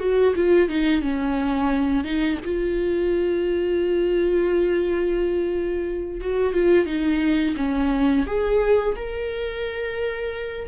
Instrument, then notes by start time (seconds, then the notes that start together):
viola
0.00 F#4
0.36 F4
0.69 D#4
1.02 C#4
2.04 D#4
2.45 F4
6.21 F#4
6.54 F4
6.87 D#4
7.57 C#4
8.27 G#4
8.96 A#4